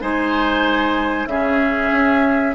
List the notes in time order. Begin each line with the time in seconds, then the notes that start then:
0.00 G#3 D#4 C5 G#5
1.26 C#3 C#4 G#4 E5
1.91 C#4